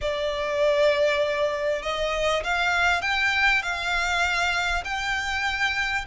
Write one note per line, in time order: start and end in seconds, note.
0.01 1.82 D5
1.82 2.43 D#5
2.43 3.01 F5
3.01 3.62 G5
3.62 4.83 F5
4.84 6.05 G5